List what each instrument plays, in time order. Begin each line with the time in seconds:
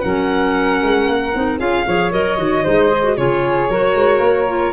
0.00 tuba F#3, clarinet C#4, flute A#4, violin F#5
0.82 tuba G#3
1.07 tuba A#3
1.34 tuba C4, clarinet D#4
1.59 tuba C#4, clarinet F4, flute G#4, violin F5
1.87 tuba F3, clarinet G#4, flute C#5
2.12 tuba F#3, clarinet A#4, violin D#5
2.37 tuba D#3, clarinet F#4
2.63 tuba G#3, clarinet D#4, flute C5
2.89 clarinet G#4
3.02 clarinet F#4
3.17 tuba C#3, clarinet F4, flute G#4, violin C#5
3.69 tuba F#3, clarinet F#4, flute A#4
3.95 tuba G#3
4.18 tuba A#3
4.47 clarinet F4